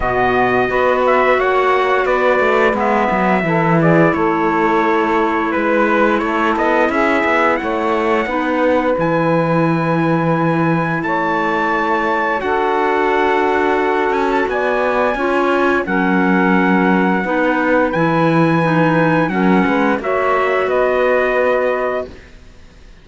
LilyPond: <<
  \new Staff \with { instrumentName = "trumpet" } { \time 4/4 \tempo 4 = 87 dis''4. e''8 fis''4 d''4 | e''4. d''8 cis''2 | b'4 cis''8 dis''8 e''4 fis''4~ | fis''4 gis''2. |
a''2 fis''2~ | fis''8 gis''16 a''16 gis''2 fis''4~ | fis''2 gis''2 | fis''4 e''4 dis''2 | }
  \new Staff \with { instrumentName = "saxophone" } { \time 4/4 fis'4 b'4 cis''4 b'4~ | b'4 a'8 gis'8 a'2 | b'4 a'4 gis'4 cis''4 | b'1 |
cis''2 a'2~ | a'4 d''4 cis''4 ais'4~ | ais'4 b'2. | ais'8 b'8 cis''4 b'2 | }
  \new Staff \with { instrumentName = "clarinet" } { \time 4/4 b4 fis'2. | b4 e'2.~ | e'1 | dis'4 e'2.~ |
e'2 fis'2~ | fis'2 f'4 cis'4~ | cis'4 dis'4 e'4 dis'4 | cis'4 fis'2. | }
  \new Staff \with { instrumentName = "cello" } { \time 4/4 b,4 b4 ais4 b8 a8 | gis8 fis8 e4 a2 | gis4 a8 b8 cis'8 b8 a4 | b4 e2. |
a2 d'2~ | d'8 cis'8 b4 cis'4 fis4~ | fis4 b4 e2 | fis8 gis8 ais4 b2 | }
>>